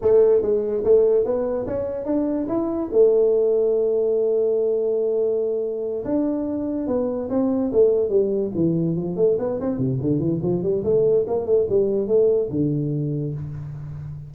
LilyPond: \new Staff \with { instrumentName = "tuba" } { \time 4/4 \tempo 4 = 144 a4 gis4 a4 b4 | cis'4 d'4 e'4 a4~ | a1~ | a2~ a8 d'4.~ |
d'8 b4 c'4 a4 g8~ | g8 e4 f8 a8 b8 c'8 c8 | d8 e8 f8 g8 a4 ais8 a8 | g4 a4 d2 | }